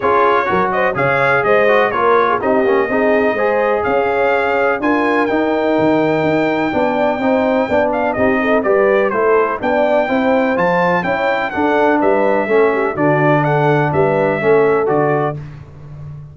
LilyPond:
<<
  \new Staff \with { instrumentName = "trumpet" } { \time 4/4 \tempo 4 = 125 cis''4. dis''8 f''4 dis''4 | cis''4 dis''2. | f''2 gis''4 g''4~ | g''1~ |
g''8 f''8 dis''4 d''4 c''4 | g''2 a''4 g''4 | fis''4 e''2 d''4 | fis''4 e''2 d''4 | }
  \new Staff \with { instrumentName = "horn" } { \time 4/4 gis'4 ais'8 c''8 cis''4 c''4 | ais'8. gis'16 g'4 gis'4 c''4 | cis''2 ais'2~ | ais'2 d''4 c''4 |
d''4 g'8 a'8 b'4 a'4 | d''4 c''2 cis''4 | a'4 b'4 a'8 g'8 fis'4 | a'4 b'4 a'2 | }
  \new Staff \with { instrumentName = "trombone" } { \time 4/4 f'4 fis'4 gis'4. fis'8 | f'4 dis'8 cis'8 dis'4 gis'4~ | gis'2 f'4 dis'4~ | dis'2 d'4 dis'4 |
d'4 dis'4 g'4 e'4 | d'4 e'4 f'4 e'4 | d'2 cis'4 d'4~ | d'2 cis'4 fis'4 | }
  \new Staff \with { instrumentName = "tuba" } { \time 4/4 cis'4 fis4 cis4 gis4 | ais4 c'8 ais8 c'4 gis4 | cis'2 d'4 dis'4 | dis4 dis'4 b4 c'4 |
b4 c'4 g4 a4 | b4 c'4 f4 cis'4 | d'4 g4 a4 d4~ | d4 g4 a4 d4 | }
>>